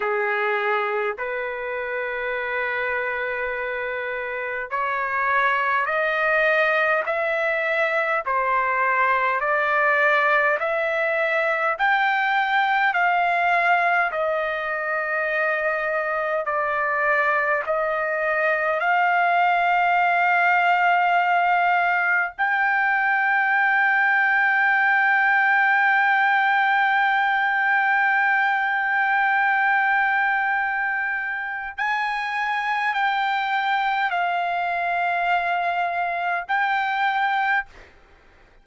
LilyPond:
\new Staff \with { instrumentName = "trumpet" } { \time 4/4 \tempo 4 = 51 gis'4 b'2. | cis''4 dis''4 e''4 c''4 | d''4 e''4 g''4 f''4 | dis''2 d''4 dis''4 |
f''2. g''4~ | g''1~ | g''2. gis''4 | g''4 f''2 g''4 | }